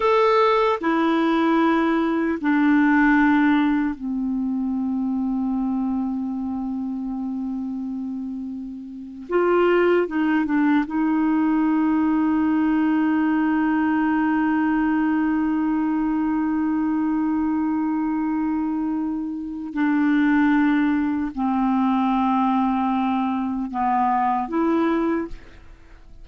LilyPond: \new Staff \with { instrumentName = "clarinet" } { \time 4/4 \tempo 4 = 76 a'4 e'2 d'4~ | d'4 c'2.~ | c'2.~ c'8. f'16~ | f'8. dis'8 d'8 dis'2~ dis'16~ |
dis'1~ | dis'1~ | dis'4 d'2 c'4~ | c'2 b4 e'4 | }